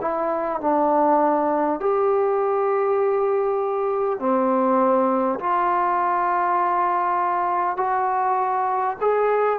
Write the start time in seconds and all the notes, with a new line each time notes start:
0.00 E4
0.61 D4
1.80 G4
4.19 C4
5.39 F4
7.77 F#4
9.01 G#4